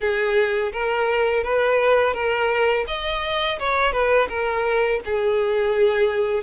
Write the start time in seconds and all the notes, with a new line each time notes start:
0.00 G#4
0.72 A#4
1.43 B4
2.13 A#4
2.87 D#5
3.59 C#5
3.92 B4
4.29 A#4
5.05 G#4